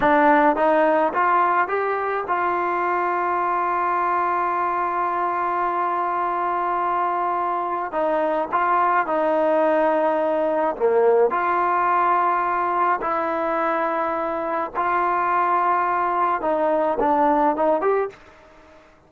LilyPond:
\new Staff \with { instrumentName = "trombone" } { \time 4/4 \tempo 4 = 106 d'4 dis'4 f'4 g'4 | f'1~ | f'1~ | f'2 dis'4 f'4 |
dis'2. ais4 | f'2. e'4~ | e'2 f'2~ | f'4 dis'4 d'4 dis'8 g'8 | }